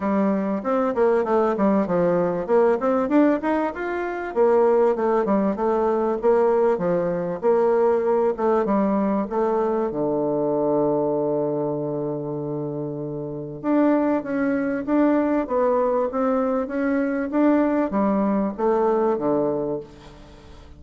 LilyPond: \new Staff \with { instrumentName = "bassoon" } { \time 4/4 \tempo 4 = 97 g4 c'8 ais8 a8 g8 f4 | ais8 c'8 d'8 dis'8 f'4 ais4 | a8 g8 a4 ais4 f4 | ais4. a8 g4 a4 |
d1~ | d2 d'4 cis'4 | d'4 b4 c'4 cis'4 | d'4 g4 a4 d4 | }